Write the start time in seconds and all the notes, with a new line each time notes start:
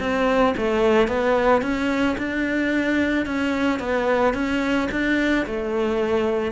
0.00 C4
0.57 A3
1.08 B3
1.62 C#4
2.18 D4
3.26 C#4
3.80 B3
4.34 C#4
4.91 D4
5.46 A3